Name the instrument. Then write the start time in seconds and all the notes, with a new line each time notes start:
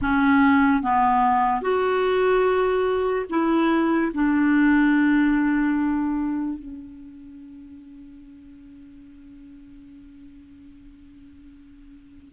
clarinet
0.01 C#4
0.82 B3
1.61 F#4
3.29 E4
4.14 D4
6.59 C#4